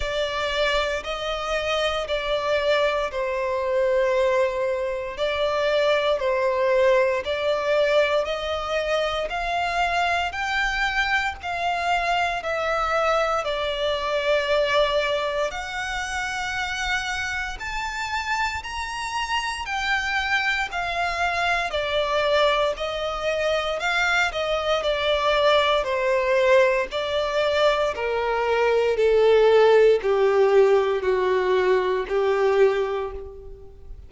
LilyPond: \new Staff \with { instrumentName = "violin" } { \time 4/4 \tempo 4 = 58 d''4 dis''4 d''4 c''4~ | c''4 d''4 c''4 d''4 | dis''4 f''4 g''4 f''4 | e''4 d''2 fis''4~ |
fis''4 a''4 ais''4 g''4 | f''4 d''4 dis''4 f''8 dis''8 | d''4 c''4 d''4 ais'4 | a'4 g'4 fis'4 g'4 | }